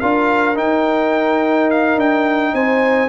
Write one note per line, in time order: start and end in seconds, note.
0.00 0.58 D4
0.00 0.54 F4
0.00 2.54 A#4
0.00 0.57 F5
0.54 3.09 D#4
0.54 1.96 D#4
0.54 1.70 G5
1.70 1.99 F5
1.96 2.53 D4
1.96 2.55 G5
2.53 3.09 C4
2.53 3.09 C5
2.53 3.09 G#5